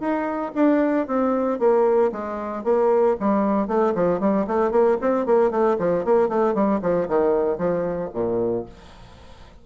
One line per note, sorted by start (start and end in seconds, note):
0.00 0.52 D#4
0.55 1.07 D4
1.07 1.59 C4
1.59 2.12 A#3
2.12 2.64 G#3
2.64 3.16 A#3
3.20 3.68 G3
3.68 3.94 A3
3.95 4.20 F3
4.20 4.46 G3
4.47 4.71 A3
4.71 4.97 A#3
5.01 5.26 C4
5.26 5.51 A#3
5.51 5.77 A3
5.79 6.05 F3
6.05 6.29 A#3
6.29 6.54 A3
6.54 6.80 G3
6.82 7.08 F3
7.08 7.58 D#3
7.58 8.10 F3
8.13 8.66 A#2